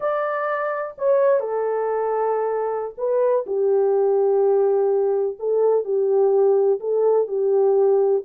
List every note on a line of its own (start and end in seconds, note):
0.00 0.95 D5
0.97 1.39 C#5
1.39 2.94 A4
2.97 3.45 B4
3.46 5.37 G4
5.39 5.84 A4
5.84 6.79 G4
6.80 7.27 A4
7.27 8.23 G4